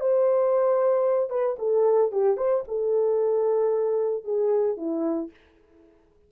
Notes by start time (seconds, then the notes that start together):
0.00 C5
1.29 B4
1.58 A4
2.11 G4
2.37 C5
2.67 A4
4.24 G#4
4.77 E4